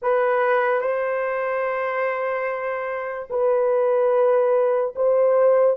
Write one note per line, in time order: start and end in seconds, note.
0.02 0.81 B4
0.81 3.27 C5
3.30 4.94 B4
4.95 5.76 C5